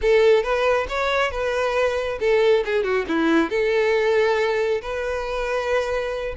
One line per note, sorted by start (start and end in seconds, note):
0.01 0.43 A4
0.43 0.87 B4
0.89 1.31 C#5
1.31 2.18 B4
2.20 2.64 A4
2.65 2.83 G#4
2.83 3.05 F#4
3.08 3.50 E4
3.50 4.81 A4
4.81 6.34 B4